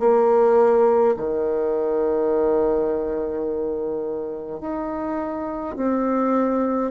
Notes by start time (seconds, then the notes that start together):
0.00 A#3
1.17 D#3
4.61 D#4
5.76 C4